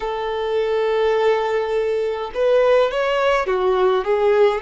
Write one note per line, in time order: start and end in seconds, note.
0.00 2.31 A4
2.34 2.91 B4
2.91 3.46 C#5
3.46 4.04 F#4
4.04 4.61 G#4